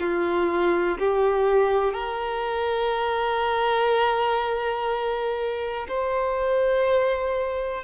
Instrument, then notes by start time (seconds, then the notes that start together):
violin
0.00 F4
0.99 G4
1.94 A#4
5.88 C5